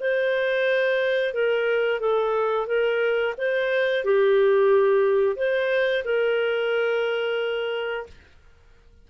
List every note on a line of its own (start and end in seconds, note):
0.00 1.34 C5
1.34 2.00 A#4
2.00 2.67 A4
2.67 3.34 A#4
3.38 4.04 C5
4.04 5.36 G4
5.36 6.04 C5
6.04 8.07 A#4